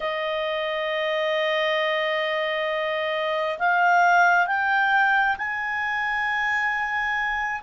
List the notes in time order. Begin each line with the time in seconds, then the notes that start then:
0.00 D#5
3.59 F5
4.46 G5
5.37 G#5